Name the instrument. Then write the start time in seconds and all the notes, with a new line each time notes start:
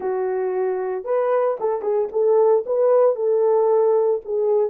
horn
0.00 F#4
1.04 B4
1.59 A4
1.82 G#4
2.11 A4
2.66 B4
3.15 A4
4.24 G#4